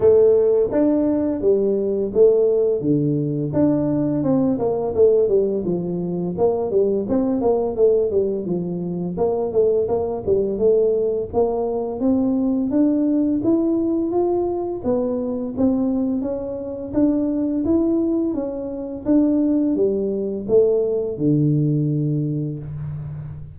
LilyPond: \new Staff \with { instrumentName = "tuba" } { \time 4/4 \tempo 4 = 85 a4 d'4 g4 a4 | d4 d'4 c'8 ais8 a8 g8 | f4 ais8 g8 c'8 ais8 a8 g8 | f4 ais8 a8 ais8 g8 a4 |
ais4 c'4 d'4 e'4 | f'4 b4 c'4 cis'4 | d'4 e'4 cis'4 d'4 | g4 a4 d2 | }